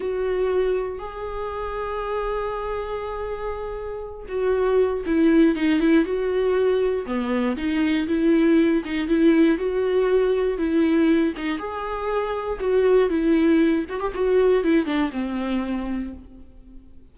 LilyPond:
\new Staff \with { instrumentName = "viola" } { \time 4/4 \tempo 4 = 119 fis'2 gis'2~ | gis'1~ | gis'8 fis'4. e'4 dis'8 e'8 | fis'2 b4 dis'4 |
e'4. dis'8 e'4 fis'4~ | fis'4 e'4. dis'8 gis'4~ | gis'4 fis'4 e'4. fis'16 g'16 | fis'4 e'8 d'8 c'2 | }